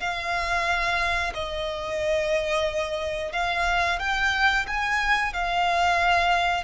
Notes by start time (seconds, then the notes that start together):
0.00 F5
1.34 D#5
3.32 F5
3.99 G5
4.67 G#5
5.33 F5